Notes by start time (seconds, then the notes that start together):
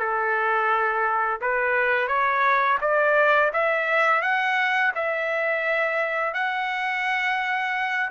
0.00 A4
1.41 B4
2.08 C#5
2.82 D5
3.54 E5
4.22 F#5
4.95 E5
6.34 F#5